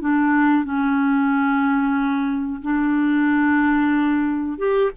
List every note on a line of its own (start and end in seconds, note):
0.00 0.64 D4
0.64 2.61 C#4
2.62 4.58 D4
4.58 4.91 G4